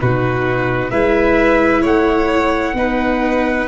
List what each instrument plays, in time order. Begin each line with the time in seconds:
0.00 tuba B2, viola D#4, violin F#4, trumpet B4
0.91 tuba G#3, viola E4, violin B4, trumpet E5
1.82 tuba A3, violin C#5, trumpet F#5
2.74 tuba B3, viola D#4, violin B4